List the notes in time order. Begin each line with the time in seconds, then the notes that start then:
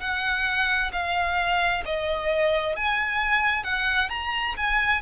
0.00 F#5
0.92 F5
1.85 D#5
2.76 G#5
3.63 F#5
4.09 A#5
4.56 G#5